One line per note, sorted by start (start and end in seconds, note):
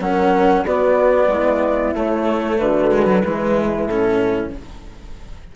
0.00 0.65 F#3
0.00 0.66 C#4
0.00 0.65 A#4
0.00 0.65 F#5
0.65 1.28 B3
0.65 1.96 B3
0.65 1.30 F#4
0.65 1.95 D5
1.28 1.93 G#3
1.28 2.59 E4
1.94 2.59 A3
1.94 2.92 A3
1.94 2.59 C#5
2.59 3.24 D3
2.59 3.25 F#4
2.59 3.86 B4
2.92 3.07 G#3
3.07 3.23 F#3
3.25 3.85 E3
3.25 3.90 G#3
3.25 4.54 E4
3.85 4.50 A2
3.85 4.51 A4
3.91 4.56 C#4